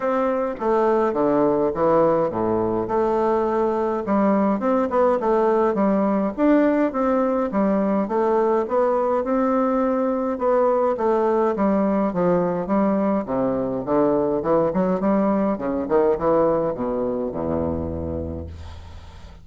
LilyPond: \new Staff \with { instrumentName = "bassoon" } { \time 4/4 \tempo 4 = 104 c'4 a4 d4 e4 | a,4 a2 g4 | c'8 b8 a4 g4 d'4 | c'4 g4 a4 b4 |
c'2 b4 a4 | g4 f4 g4 c4 | d4 e8 fis8 g4 cis8 dis8 | e4 b,4 e,2 | }